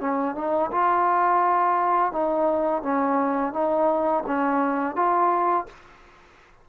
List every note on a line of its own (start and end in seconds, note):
0.00 0.35 C#4
0.35 0.71 D#4
0.72 2.12 F4
2.12 2.83 D#4
2.83 3.53 C#4
3.53 4.24 D#4
4.27 4.96 C#4
4.96 5.66 F4